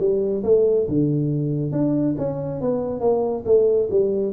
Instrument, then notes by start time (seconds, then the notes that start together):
tuba
0.00 G3
0.44 A3
0.89 D3
1.73 D4
2.18 C#4
2.62 B3
3.01 A#3
3.46 A3
3.91 G3